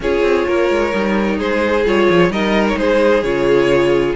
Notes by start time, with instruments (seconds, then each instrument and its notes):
0.00 cello C#4, viola F4, violin G#4 C#5
0.22 cello C4
0.47 cello A#3, violin A#4
0.69 cello G#3
0.92 cello G3, viola D#4
1.37 cello G#3, violin G#4 C5
1.85 cello G3, viola F4, violin C#5
2.09 cello F3
2.30 cello G3, viola D#4, violin A#4 D#5
2.67 violin C#5
2.77 cello G#3, violin G#4 C5
3.22 cello C#3, viola F4, violin C#5